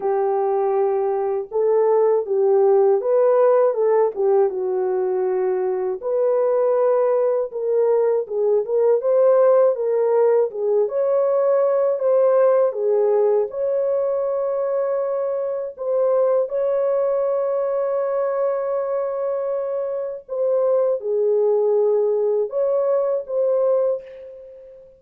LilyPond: \new Staff \with { instrumentName = "horn" } { \time 4/4 \tempo 4 = 80 g'2 a'4 g'4 | b'4 a'8 g'8 fis'2 | b'2 ais'4 gis'8 ais'8 | c''4 ais'4 gis'8 cis''4. |
c''4 gis'4 cis''2~ | cis''4 c''4 cis''2~ | cis''2. c''4 | gis'2 cis''4 c''4 | }